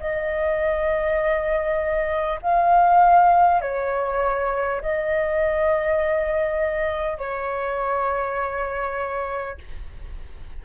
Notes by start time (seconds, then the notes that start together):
0.00 D#5
2.42 F5
3.61 C#5
4.82 D#5
7.18 C#5